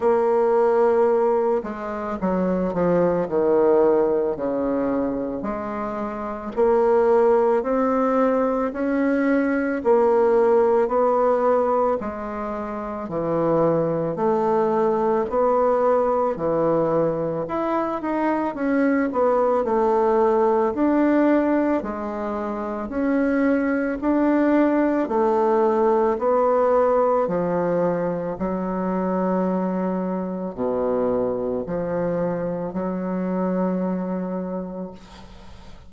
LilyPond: \new Staff \with { instrumentName = "bassoon" } { \time 4/4 \tempo 4 = 55 ais4. gis8 fis8 f8 dis4 | cis4 gis4 ais4 c'4 | cis'4 ais4 b4 gis4 | e4 a4 b4 e4 |
e'8 dis'8 cis'8 b8 a4 d'4 | gis4 cis'4 d'4 a4 | b4 f4 fis2 | b,4 f4 fis2 | }